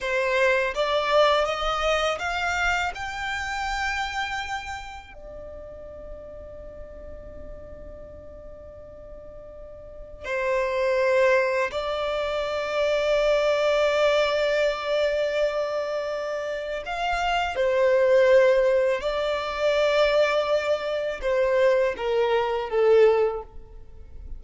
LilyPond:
\new Staff \with { instrumentName = "violin" } { \time 4/4 \tempo 4 = 82 c''4 d''4 dis''4 f''4 | g''2. d''4~ | d''1~ | d''2 c''2 |
d''1~ | d''2. f''4 | c''2 d''2~ | d''4 c''4 ais'4 a'4 | }